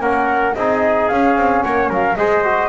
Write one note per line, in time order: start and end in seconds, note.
0.00 0.54 A#3
0.00 0.55 C#4
0.00 0.55 A#4
0.00 0.54 F#5
0.54 1.09 C4
0.54 1.12 D#4
0.54 1.64 G#4
0.54 1.08 D#5
1.08 1.36 C#4
1.08 2.17 C#4
1.08 1.62 F5
1.36 1.63 C4
1.62 1.89 A#3
1.62 1.89 C#5
1.62 1.89 F#5
1.89 2.16 F#3
1.89 2.16 A#4
1.89 2.16 F5
2.16 2.68 G#3
2.16 2.44 G#4
2.16 2.68 C5
2.16 2.68 D#5
2.44 2.68 F#4